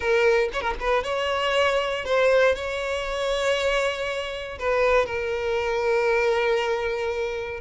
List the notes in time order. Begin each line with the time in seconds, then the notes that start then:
0.00 A#4
0.53 C#5
0.61 A#4
0.80 B4
1.03 C#5
2.05 C5
2.55 C#5
4.58 B4
5.06 A#4